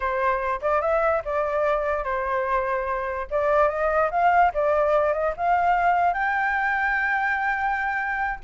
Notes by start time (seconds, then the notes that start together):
0.00 C5
0.61 D5
0.81 E5
1.24 D5
2.03 C5
3.30 D5
3.68 D#5
4.10 F5
4.54 D5
5.13 D#5
5.36 F5
6.13 G5